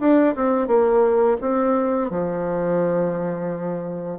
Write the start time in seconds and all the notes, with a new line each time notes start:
0.00 D4
0.36 C4
0.67 A#3
1.41 C4
2.10 F3